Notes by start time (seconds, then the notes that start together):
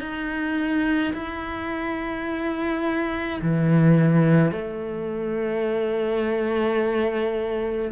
0.00 D#4
1.13 E4
3.42 E3
4.51 A3